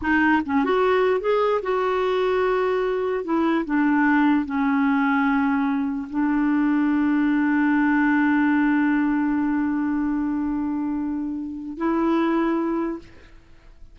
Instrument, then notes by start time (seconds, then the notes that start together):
clarinet
0.01 D#4
0.45 C#4
0.64 F#4
1.20 G#4
1.62 F#4
3.24 E4
3.65 D4
4.45 C#4
6.10 D4
11.77 E4